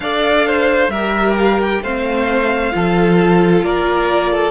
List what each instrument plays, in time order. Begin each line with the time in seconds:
0.00 cello D4, viola A4, violin D5 F5
0.46 violin C5
0.88 cello G3, viola G4, violin A#4 E5
1.38 violin F5
1.61 violin G5
1.81 cello A3, viola C4, violin C5 F5
2.72 cello F3, viola F4, violin A4
3.62 cello A#3, violin A#4 D5
4.31 violin A4